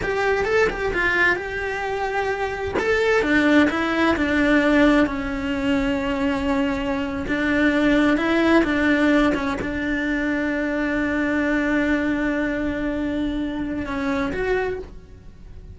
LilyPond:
\new Staff \with { instrumentName = "cello" } { \time 4/4 \tempo 4 = 130 g'4 a'8 g'8 f'4 g'4~ | g'2 a'4 d'4 | e'4 d'2 cis'4~ | cis'2.~ cis'8. d'16~ |
d'4.~ d'16 e'4 d'4~ d'16~ | d'16 cis'8 d'2.~ d'16~ | d'1~ | d'2 cis'4 fis'4 | }